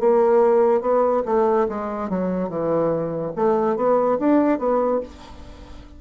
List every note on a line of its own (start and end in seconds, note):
0.00 0.81 A#3
0.81 1.23 B3
1.25 1.67 A3
1.69 2.09 G#3
2.09 2.49 F#3
2.49 3.32 E3
3.36 3.76 A3
3.76 4.18 B3
4.19 4.58 D4
4.58 5.00 B3